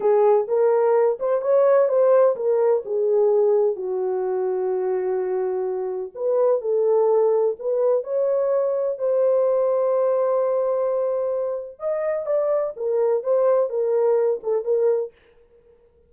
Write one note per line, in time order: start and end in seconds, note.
0.00 0.47 G#4
0.47 1.18 A#4
1.19 1.41 C5
1.41 1.88 C#5
1.88 2.35 C5
2.36 2.83 A#4
2.85 3.76 G#4
3.76 6.12 F#4
6.15 6.61 B4
6.61 7.55 A4
7.59 8.03 B4
8.03 8.98 C#5
8.98 11.79 C5
11.79 12.26 D#5
12.26 12.73 D5
12.76 13.23 A#4
13.23 13.69 C5
13.69 14.40 A#4
14.43 14.64 A4
14.64 15.11 A#4